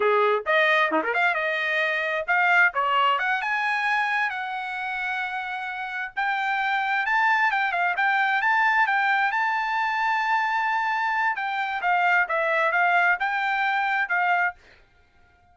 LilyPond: \new Staff \with { instrumentName = "trumpet" } { \time 4/4 \tempo 4 = 132 gis'4 dis''4 dis'16 ais'16 f''8 dis''4~ | dis''4 f''4 cis''4 fis''8 gis''8~ | gis''4. fis''2~ fis''8~ | fis''4. g''2 a''8~ |
a''8 g''8 f''8 g''4 a''4 g''8~ | g''8 a''2.~ a''8~ | a''4 g''4 f''4 e''4 | f''4 g''2 f''4 | }